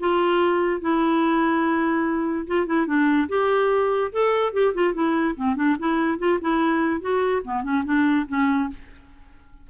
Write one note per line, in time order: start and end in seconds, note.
0.00 0.81 F4
0.81 2.47 E4
2.47 2.67 F4
2.67 2.87 E4
2.87 3.28 D4
3.29 4.12 G4
4.12 4.53 A4
4.53 4.74 G4
4.75 4.94 F4
4.94 5.35 E4
5.37 5.56 C4
5.56 5.77 D4
5.79 6.19 E4
6.19 6.39 F4
6.41 7.01 E4
7.01 7.43 F#4
7.45 7.63 B3
7.63 7.84 C#4
7.85 8.26 D4
8.29 8.70 C#4